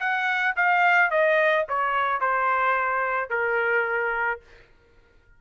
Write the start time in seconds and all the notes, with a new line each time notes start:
0.00 F#5
0.57 F5
1.11 D#5
1.69 C#5
2.21 C5
3.30 A#4